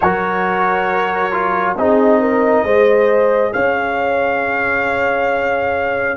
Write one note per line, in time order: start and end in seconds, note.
0.00 1.76 F#3
0.00 1.31 F#4
0.00 1.78 A#4
0.00 1.76 C#5
1.31 1.75 F4
1.76 2.63 C4
1.76 2.67 D#4
1.76 2.20 G#4
1.76 3.53 D#5
2.20 2.64 A#4
2.63 3.51 G#3
2.63 6.16 G#4
2.63 3.53 C5
3.53 6.16 C#4
3.53 6.16 C#5
3.53 6.16 F5